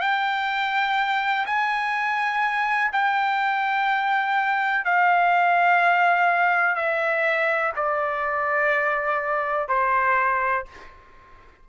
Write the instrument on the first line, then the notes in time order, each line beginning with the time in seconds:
trumpet
0.00 G5
1.46 G#5
2.92 G5
4.85 F5
6.75 E5
7.76 D5
9.68 C5